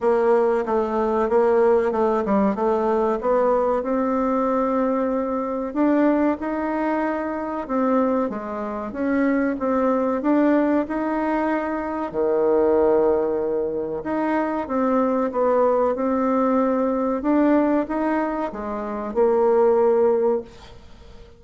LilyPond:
\new Staff \with { instrumentName = "bassoon" } { \time 4/4 \tempo 4 = 94 ais4 a4 ais4 a8 g8 | a4 b4 c'2~ | c'4 d'4 dis'2 | c'4 gis4 cis'4 c'4 |
d'4 dis'2 dis4~ | dis2 dis'4 c'4 | b4 c'2 d'4 | dis'4 gis4 ais2 | }